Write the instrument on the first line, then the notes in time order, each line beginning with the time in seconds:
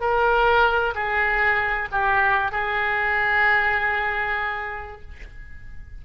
oboe
0.00 A#4
0.94 G#4
1.91 G4
2.51 G#4